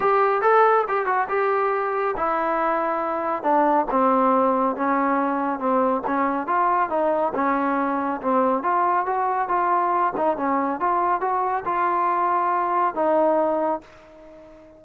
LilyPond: \new Staff \with { instrumentName = "trombone" } { \time 4/4 \tempo 4 = 139 g'4 a'4 g'8 fis'8 g'4~ | g'4 e'2. | d'4 c'2 cis'4~ | cis'4 c'4 cis'4 f'4 |
dis'4 cis'2 c'4 | f'4 fis'4 f'4. dis'8 | cis'4 f'4 fis'4 f'4~ | f'2 dis'2 | }